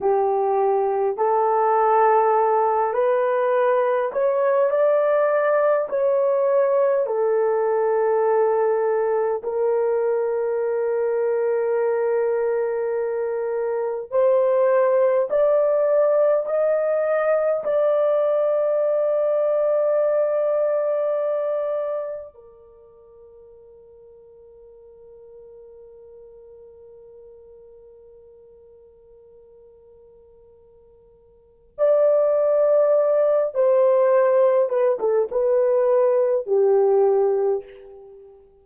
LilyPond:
\new Staff \with { instrumentName = "horn" } { \time 4/4 \tempo 4 = 51 g'4 a'4. b'4 cis''8 | d''4 cis''4 a'2 | ais'1 | c''4 d''4 dis''4 d''4~ |
d''2. ais'4~ | ais'1~ | ais'2. d''4~ | d''8 c''4 b'16 a'16 b'4 g'4 | }